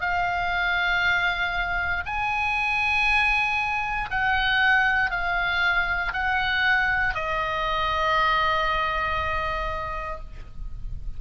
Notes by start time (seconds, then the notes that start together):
0.00 F5
2.06 G#5
4.10 F#5
5.10 F5
6.12 F#5
7.14 D#5